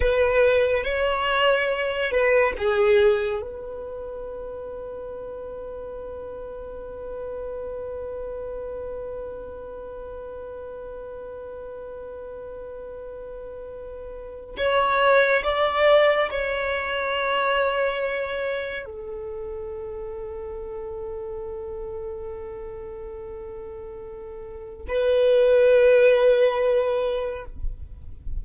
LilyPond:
\new Staff \with { instrumentName = "violin" } { \time 4/4 \tempo 4 = 70 b'4 cis''4. b'8 gis'4 | b'1~ | b'1~ | b'1~ |
b'4 cis''4 d''4 cis''4~ | cis''2 a'2~ | a'1~ | a'4 b'2. | }